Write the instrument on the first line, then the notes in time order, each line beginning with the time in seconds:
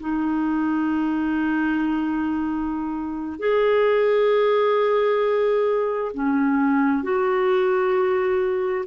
clarinet
0.00 D#4
3.39 G#4
6.14 C#4
7.03 F#4